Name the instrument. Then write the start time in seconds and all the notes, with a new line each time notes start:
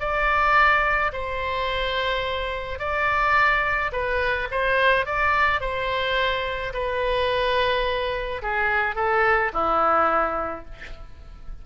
oboe
0.00 D5
1.13 C5
2.79 D5
3.93 B4
4.51 C5
5.06 D5
5.61 C5
6.73 B4
8.42 G#4
8.96 A4
9.53 E4